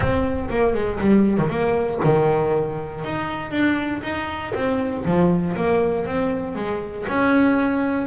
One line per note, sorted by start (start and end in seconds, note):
0.00 0.48 C4
0.50 0.74 A#3
0.74 0.99 G#3
1.00 1.38 G3
1.38 1.49 D#3
1.49 1.99 A#3
2.04 3.04 D#3
3.04 3.51 D#4
3.51 4.01 D4
4.02 4.53 D#4
4.54 5.04 C4
5.05 5.55 F3
5.56 6.05 A#3
6.05 6.55 C4
6.55 7.05 G#3
7.08 8.07 C#4